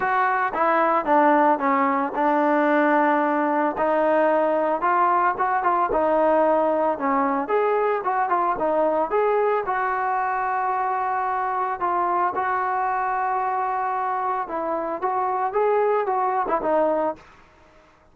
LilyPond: \new Staff \with { instrumentName = "trombone" } { \time 4/4 \tempo 4 = 112 fis'4 e'4 d'4 cis'4 | d'2. dis'4~ | dis'4 f'4 fis'8 f'8 dis'4~ | dis'4 cis'4 gis'4 fis'8 f'8 |
dis'4 gis'4 fis'2~ | fis'2 f'4 fis'4~ | fis'2. e'4 | fis'4 gis'4 fis'8. e'16 dis'4 | }